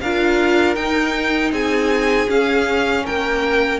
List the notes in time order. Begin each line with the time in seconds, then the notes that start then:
0.00 D4 F4 A#4 F5
0.75 D#4 G5
1.51 C4 G#4 G#5
2.28 C#4 F5
3.05 A#3 A#4 G5